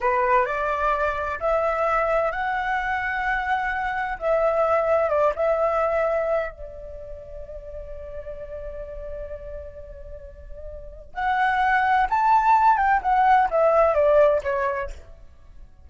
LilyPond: \new Staff \with { instrumentName = "flute" } { \time 4/4 \tempo 4 = 129 b'4 d''2 e''4~ | e''4 fis''2.~ | fis''4 e''2 d''8 e''8~ | e''2 d''2~ |
d''1~ | d''1 | fis''2 a''4. g''8 | fis''4 e''4 d''4 cis''4 | }